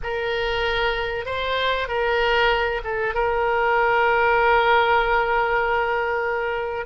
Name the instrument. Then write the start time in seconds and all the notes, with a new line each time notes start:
oboe
0.03 A#4
1.25 C5
1.88 A#4
2.84 A4
3.14 A#4